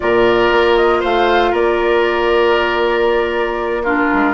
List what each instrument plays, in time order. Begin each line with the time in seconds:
0.00 bassoon A#2, clarinet F4, oboe A#4, flute D5
0.52 bassoon A#3
0.76 flute D#5
1.00 bassoon A3, oboe C5, flute F5
1.51 bassoon A#3, oboe A#4, flute D5
3.83 clarinet D4, oboe F4, flute A#4
4.13 bassoon G#3